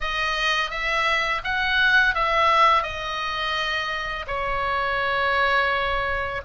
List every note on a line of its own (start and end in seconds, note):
0.00 0.70 D#5
0.70 1.41 E5
1.44 2.14 F#5
2.14 2.82 E5
2.82 4.25 D#5
4.27 6.41 C#5